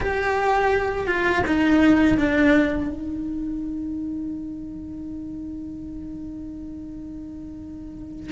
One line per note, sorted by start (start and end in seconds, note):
0.00 1.06 G4
1.06 1.43 F4
1.46 2.17 D#4
2.17 2.89 D4
2.89 8.31 D#4